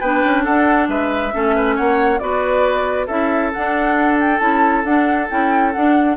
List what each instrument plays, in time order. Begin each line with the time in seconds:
0.00 bassoon B3, clarinet D4, oboe B4, flute G5
0.25 bassoon C#4
0.44 bassoon D4, oboe A4, flute F#5
0.89 bassoon G#3, oboe B4, flute E5
1.32 bassoon A3, clarinet C#4, oboe A4
1.56 oboe B4
1.76 bassoon A#3, oboe C#5, flute F#5
2.19 bassoon B3, clarinet F#4, oboe B4, flute D5
3.07 bassoon C#4, clarinet E4, oboe A4, flute E5
3.53 bassoon D4, clarinet D4, flute F#5
4.20 flute G5
4.39 bassoon C#4, clarinet E4, flute A5
4.85 bassoon D4, clarinet D4, flute F#5
5.30 bassoon C#4, clarinet E4, flute G5
5.73 clarinet D4, bassoon D4, flute F#5